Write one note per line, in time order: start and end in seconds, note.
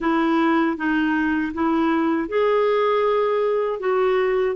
0.00 0.76 E4
0.77 1.53 D#4
1.54 2.28 E4
2.28 3.79 G#4
3.79 4.55 F#4